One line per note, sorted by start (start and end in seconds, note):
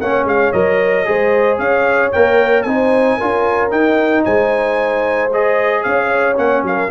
0.00 0.25 A#3
0.00 0.53 C#4
0.00 1.07 C#5
0.00 0.27 F#5
0.25 0.51 G#3
0.25 0.52 F5
0.52 1.06 F#3
0.52 1.05 A#4
0.52 1.58 D#5
1.05 1.58 G#3
1.05 2.11 G#4
1.05 1.60 C5
1.58 2.11 C#4
1.58 2.66 C#5
1.58 2.12 F5
2.12 2.65 A#3
2.12 2.67 A#4
2.12 2.62 G5
2.62 3.18 C4
2.62 3.20 D#4
2.62 3.17 C5
2.62 3.69 G#5
3.17 3.71 C#4
3.17 3.70 F4
3.17 4.23 A#4
3.70 5.29 D#4
3.70 4.24 D#4
3.70 4.24 G5
4.25 5.85 G#3
4.25 5.84 C5
4.25 5.31 G#5
5.32 6.35 G#4
5.32 5.83 D#5
5.83 6.37 C#4
5.83 6.65 C#5
5.83 6.36 F5
6.35 6.63 A#3
6.35 6.88 C#4
6.35 6.64 F#5
6.63 6.89 F#3
6.63 6.90 A#4
6.63 6.90 F5